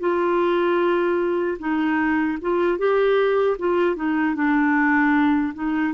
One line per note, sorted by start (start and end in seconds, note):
0.00 1.58 F4
1.59 2.38 D#4
2.42 2.78 F4
2.78 3.57 G4
3.59 3.96 F4
3.96 4.35 D#4
4.35 5.54 D4
5.54 5.94 D#4